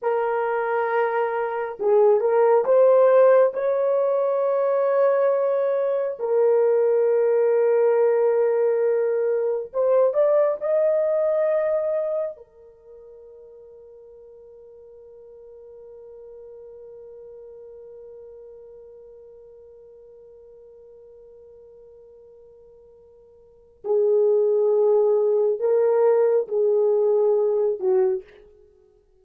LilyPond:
\new Staff \with { instrumentName = "horn" } { \time 4/4 \tempo 4 = 68 ais'2 gis'8 ais'8 c''4 | cis''2. ais'4~ | ais'2. c''8 d''8 | dis''2 ais'2~ |
ais'1~ | ais'1~ | ais'2. gis'4~ | gis'4 ais'4 gis'4. fis'8 | }